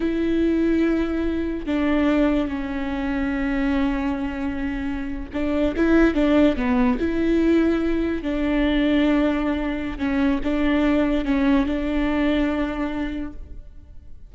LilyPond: \new Staff \with { instrumentName = "viola" } { \time 4/4 \tempo 4 = 144 e'1 | d'2 cis'2~ | cis'1~ | cis'8. d'4 e'4 d'4 b16~ |
b8. e'2. d'16~ | d'1 | cis'4 d'2 cis'4 | d'1 | }